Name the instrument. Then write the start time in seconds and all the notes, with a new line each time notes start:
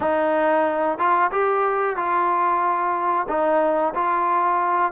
trombone
0.00 D#4
0.98 F4
1.31 G4
1.96 F4
3.28 D#4
3.94 F4